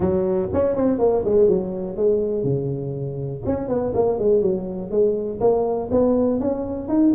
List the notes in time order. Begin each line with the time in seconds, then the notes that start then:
0.00 F#3
0.53 C#4
0.75 C4
0.99 A#3
1.25 G#3
1.48 F#3
1.96 G#3
2.43 C#3
3.46 C#4
3.68 B3
3.94 A#3
4.18 G#3
4.42 F#3
4.90 G#3
5.40 A#3
5.91 B3
6.39 C#4
6.88 D#4